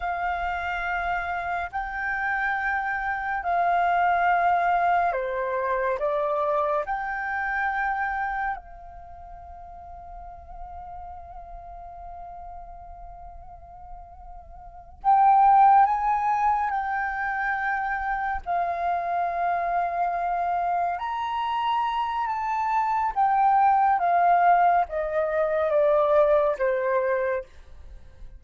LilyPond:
\new Staff \with { instrumentName = "flute" } { \time 4/4 \tempo 4 = 70 f''2 g''2 | f''2 c''4 d''4 | g''2 f''2~ | f''1~ |
f''4. g''4 gis''4 g''8~ | g''4. f''2~ f''8~ | f''8 ais''4. a''4 g''4 | f''4 dis''4 d''4 c''4 | }